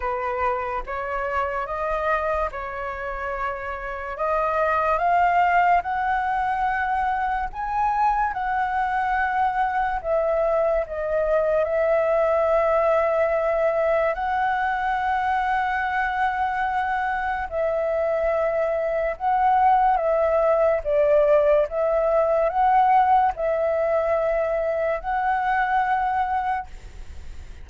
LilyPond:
\new Staff \with { instrumentName = "flute" } { \time 4/4 \tempo 4 = 72 b'4 cis''4 dis''4 cis''4~ | cis''4 dis''4 f''4 fis''4~ | fis''4 gis''4 fis''2 | e''4 dis''4 e''2~ |
e''4 fis''2.~ | fis''4 e''2 fis''4 | e''4 d''4 e''4 fis''4 | e''2 fis''2 | }